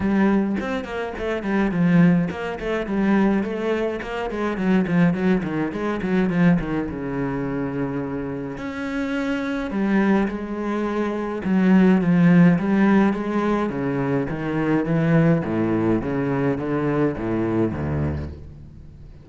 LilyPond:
\new Staff \with { instrumentName = "cello" } { \time 4/4 \tempo 4 = 105 g4 c'8 ais8 a8 g8 f4 | ais8 a8 g4 a4 ais8 gis8 | fis8 f8 fis8 dis8 gis8 fis8 f8 dis8 | cis2. cis'4~ |
cis'4 g4 gis2 | fis4 f4 g4 gis4 | cis4 dis4 e4 a,4 | cis4 d4 a,4 d,4 | }